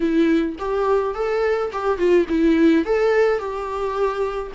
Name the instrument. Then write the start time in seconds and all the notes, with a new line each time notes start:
viola
0.00 E4
0.58 G4
1.14 A4
1.72 G4
1.97 F4
2.28 E4
2.85 A4
3.38 G4